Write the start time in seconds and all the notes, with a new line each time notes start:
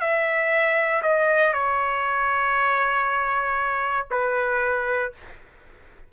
0.00 E5
1.02 D#5
1.53 C#5
4.10 B4